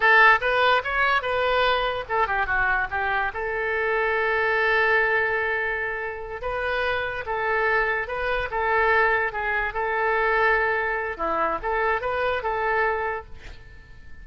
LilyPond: \new Staff \with { instrumentName = "oboe" } { \time 4/4 \tempo 4 = 145 a'4 b'4 cis''4 b'4~ | b'4 a'8 g'8 fis'4 g'4 | a'1~ | a'2.~ a'8 b'8~ |
b'4. a'2 b'8~ | b'8 a'2 gis'4 a'8~ | a'2. e'4 | a'4 b'4 a'2 | }